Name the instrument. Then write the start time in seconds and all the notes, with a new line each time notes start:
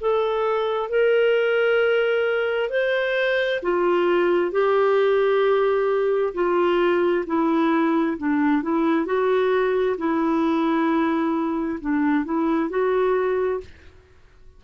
clarinet
0.00 A4
0.89 A#4
2.69 C5
3.62 F4
4.51 G4
6.33 F4
7.26 E4
8.17 D4
8.62 E4
9.05 F#4
9.97 E4
11.80 D4
12.25 E4
12.69 F#4